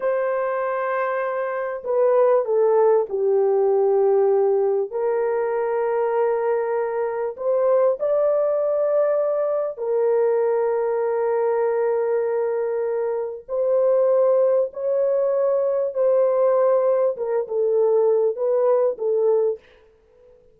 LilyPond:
\new Staff \with { instrumentName = "horn" } { \time 4/4 \tempo 4 = 98 c''2. b'4 | a'4 g'2. | ais'1 | c''4 d''2. |
ais'1~ | ais'2 c''2 | cis''2 c''2 | ais'8 a'4. b'4 a'4 | }